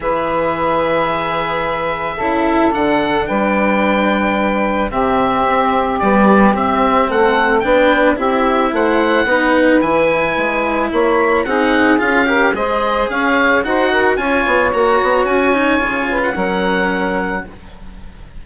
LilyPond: <<
  \new Staff \with { instrumentName = "oboe" } { \time 4/4 \tempo 4 = 110 e''1~ | e''4 fis''4 g''2~ | g''4 e''2 d''4 | e''4 fis''4 g''4 e''4 |
fis''2 gis''2 | b''4 fis''4 f''4 dis''4 | f''4 fis''4 gis''4 ais''4 | gis''4.~ gis''16 fis''2~ fis''16 | }
  \new Staff \with { instrumentName = "saxophone" } { \time 4/4 b'1 | a'2 b'2~ | b'4 g'2.~ | g'4 a'4 b'4 g'4 |
c''4 b'2. | cis''4 gis'4. ais'8 c''4 | cis''4 c''8 ais'8 cis''2~ | cis''4. b'8 ais'2 | }
  \new Staff \with { instrumentName = "cello" } { \time 4/4 gis'1 | e'4 d'2.~ | d'4 c'2 g4 | c'2 d'4 e'4~ |
e'4 dis'4 e'2~ | e'4 dis'4 f'8 g'8 gis'4~ | gis'4 fis'4 f'4 fis'4~ | fis'8 dis'8 f'4 cis'2 | }
  \new Staff \with { instrumentName = "bassoon" } { \time 4/4 e1 | cis4 d4 g2~ | g4 c4 c'4 b4 | c'4 a4 b4 c'4 |
a4 b4 e4 gis4 | ais4 c'4 cis'4 gis4 | cis'4 dis'4 cis'8 b8 ais8 b8 | cis'4 cis4 fis2 | }
>>